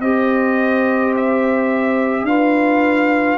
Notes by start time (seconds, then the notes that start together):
0.00 C4 G4 C5 D#5
1.16 E5
2.23 D4 F4 B4 F5